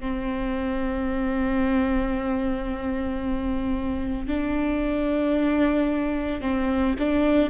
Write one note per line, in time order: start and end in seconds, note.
0.00 4.28 C4
4.28 6.41 D4
6.41 6.95 C4
6.99 7.50 D4